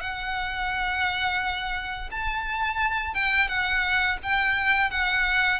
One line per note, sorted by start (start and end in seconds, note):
0.00 2.09 F#5
2.11 3.14 A5
3.14 3.48 G5
3.48 4.17 F#5
4.23 4.90 G5
4.90 5.60 F#5